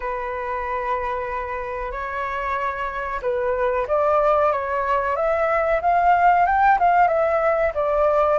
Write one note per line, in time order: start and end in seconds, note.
0.00 1.91 B4
1.91 3.20 C#5
3.22 3.86 B4
3.87 4.52 D5
4.52 5.16 C#5
5.16 5.80 E5
5.81 6.45 F5
6.45 6.78 G5
6.79 7.07 F5
7.07 7.72 E5
7.74 8.38 D5